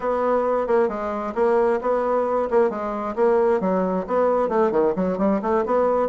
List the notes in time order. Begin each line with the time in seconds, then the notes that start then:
0.00 B3
0.67 A#3
0.88 G#3
1.35 A#3
1.81 B3
2.50 A#3
2.70 G#3
3.15 A#3
3.60 F#3
4.07 B3
4.48 A3
4.71 D#3
4.95 F#3
5.18 G3
5.42 A3
5.65 B3